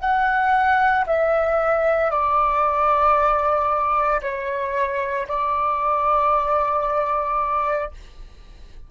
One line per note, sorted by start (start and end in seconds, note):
0.00 1.05 F#5
1.07 2.11 E5
2.11 4.22 D5
4.22 5.27 C#5
5.28 7.91 D5